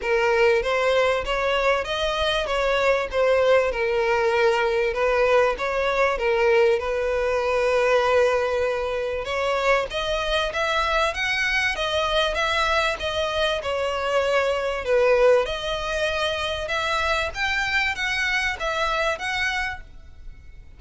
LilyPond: \new Staff \with { instrumentName = "violin" } { \time 4/4 \tempo 4 = 97 ais'4 c''4 cis''4 dis''4 | cis''4 c''4 ais'2 | b'4 cis''4 ais'4 b'4~ | b'2. cis''4 |
dis''4 e''4 fis''4 dis''4 | e''4 dis''4 cis''2 | b'4 dis''2 e''4 | g''4 fis''4 e''4 fis''4 | }